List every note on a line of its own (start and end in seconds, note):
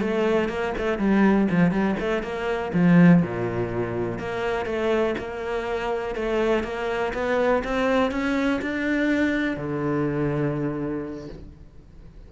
0.00 0.49 A3
0.49 0.73 A#3
0.78 0.98 A3
0.98 1.47 G3
1.50 1.71 F3
1.71 1.95 G3
1.99 2.22 A3
2.22 2.71 A#3
2.73 3.22 F3
3.22 4.19 A#2
4.19 4.65 A#3
4.65 5.14 A3
5.18 6.15 A#3
6.15 6.63 A3
6.63 7.12 A#3
7.13 7.63 B3
7.64 8.11 C4
8.11 8.60 C#4
8.61 9.56 D4
9.56 11.28 D3